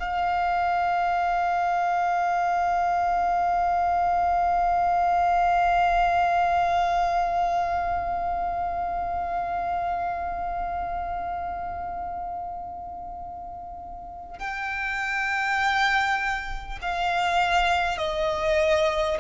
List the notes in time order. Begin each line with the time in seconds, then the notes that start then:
0.00 F5
14.39 G5
16.82 F5
17.98 D#5